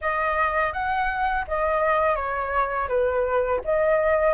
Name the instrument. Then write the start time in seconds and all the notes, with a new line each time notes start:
flute
0.01 D#5
0.72 F#5
1.47 D#5
2.15 C#5
2.88 B4
3.64 D#5